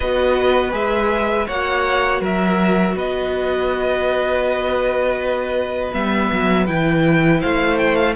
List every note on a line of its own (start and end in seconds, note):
0.00 0.73 B3
0.00 0.71 F#4
0.00 1.47 B4
0.00 0.73 D#5
0.71 1.47 G#3
0.71 1.45 G#4
0.71 1.48 E5
1.47 2.21 A#3
1.47 5.92 F#4
1.47 2.21 C#5
1.47 2.22 F#5
2.21 2.95 F#3
2.21 2.95 A#4
2.21 2.98 E5
2.95 5.91 B3
2.95 7.40 B4
2.95 5.93 D#5
5.92 6.31 G3
5.92 6.66 B3
5.92 6.66 E5
6.32 6.68 F#3
6.66 7.42 E3
6.66 8.15 E4
6.66 7.40 G5
7.40 8.16 A3
7.40 8.14 C5
7.40 7.78 F5
7.78 7.95 G5
7.95 8.14 F5